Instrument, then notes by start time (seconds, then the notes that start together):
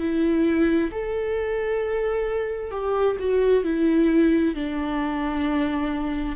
viola
0.00 E4
0.91 A4
2.71 G4
3.19 F#4
3.64 E4
4.55 D4